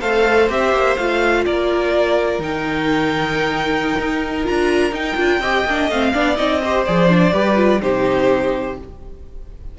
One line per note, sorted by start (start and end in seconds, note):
0.00 0.49 A3
0.00 0.49 A4
0.00 1.44 C5
0.00 0.48 F5
0.49 0.71 C4
0.49 0.97 G4
0.49 0.96 E5
0.71 0.96 A#3
0.96 1.46 A3
0.96 2.41 F4
0.96 1.44 F5
1.45 2.38 A#3
1.45 5.41 A#4
1.45 2.41 D5
2.38 3.94 D#3
2.38 4.43 D#4
2.38 4.46 G5
3.99 4.47 D#4
4.43 4.92 D4
4.43 4.91 F4
4.43 4.94 A#5
4.92 5.16 D#4
4.92 5.90 G5
5.16 5.40 D4
5.16 5.40 F4
5.40 5.63 C4
5.40 5.67 G4
5.40 6.13 D#5
5.65 5.88 A#3
5.65 5.92 D4
5.88 6.12 A3
5.88 6.14 C4
5.88 6.36 F5
6.13 6.39 B3
6.13 6.36 D4
6.13 6.61 D5
6.36 6.87 C4
6.36 6.60 D#4
6.36 6.84 D#5
6.63 6.86 G4
6.63 7.33 C5
6.85 7.32 F3
6.85 7.08 G#4
6.85 7.81 D5
7.08 7.32 D4
7.32 7.80 G3
7.32 7.56 G4
7.32 7.81 B4
7.56 7.80 F4
7.81 8.78 C3
7.81 8.77 D#4
7.81 8.78 G4
7.81 8.77 C5